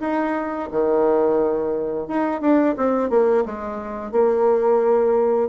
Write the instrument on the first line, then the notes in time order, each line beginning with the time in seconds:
bassoon
0.00 D#4
0.71 D#3
2.08 D#4
2.41 D4
2.77 C4
3.09 A#3
3.45 G#3
4.12 A#3